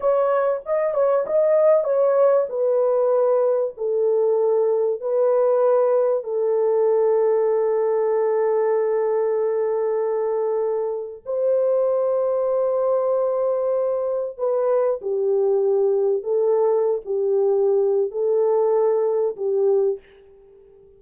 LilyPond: \new Staff \with { instrumentName = "horn" } { \time 4/4 \tempo 4 = 96 cis''4 dis''8 cis''8 dis''4 cis''4 | b'2 a'2 | b'2 a'2~ | a'1~ |
a'2 c''2~ | c''2. b'4 | g'2 a'4~ a'16 g'8.~ | g'4 a'2 g'4 | }